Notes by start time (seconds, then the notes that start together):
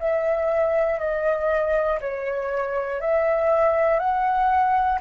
0.00 E5
1.00 D#5
2.01 C#5
3.01 E5
4.00 F#5